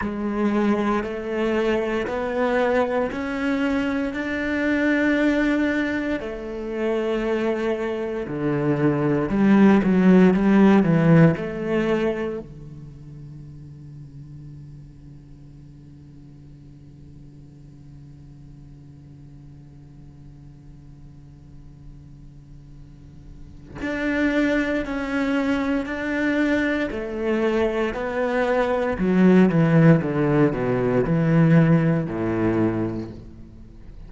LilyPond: \new Staff \with { instrumentName = "cello" } { \time 4/4 \tempo 4 = 58 gis4 a4 b4 cis'4 | d'2 a2 | d4 g8 fis8 g8 e8 a4 | d1~ |
d1~ | d2. d'4 | cis'4 d'4 a4 b4 | fis8 e8 d8 b,8 e4 a,4 | }